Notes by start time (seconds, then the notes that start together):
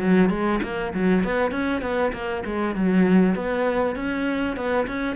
0.00 F#3
0.30 G#3
0.63 A#3
0.94 F#3
1.24 B3
1.52 C#4
1.82 B3
2.13 A#3
2.46 G#3
2.75 F#3
3.35 B3
3.96 C#4
4.56 B3
4.87 C#4